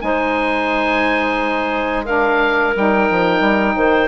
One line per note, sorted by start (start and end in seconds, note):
0.00 2.75 G#3
0.00 2.05 D#4
0.00 2.05 C5
0.00 2.05 G#5
2.05 2.73 D4
2.05 3.75 A#4
2.05 2.74 F5
2.75 3.09 G3
2.75 4.08 D#4
2.75 4.08 G5
3.10 3.40 F3
3.40 3.74 G3
3.76 4.08 D#3
3.76 4.08 C5